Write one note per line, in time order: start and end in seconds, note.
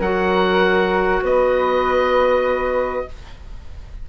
0.00 1.22 F#3
0.00 3.09 F#4
0.00 1.22 A#4
0.00 1.24 F#5
1.22 3.06 B3
1.22 3.07 B4
1.22 3.09 D#5